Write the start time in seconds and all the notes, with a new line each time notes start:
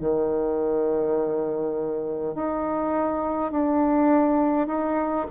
0.00 D#3
2.35 D#4
3.51 D4
4.67 D#4